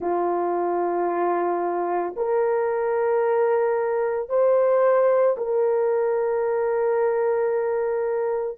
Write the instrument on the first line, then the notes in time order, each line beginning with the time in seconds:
horn
0.00 F4
2.16 A#4
4.29 C5
5.37 A#4